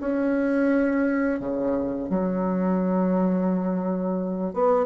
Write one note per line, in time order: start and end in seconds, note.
0.00 1.40 C#4
1.40 2.09 C#3
2.09 4.53 F#3
4.53 4.86 B3